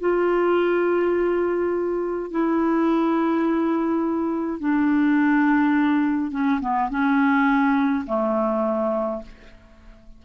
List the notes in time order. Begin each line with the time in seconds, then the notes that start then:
0.00 F4
2.31 E4
4.59 D4
6.31 C#4
6.61 B3
6.90 C#4
8.06 A3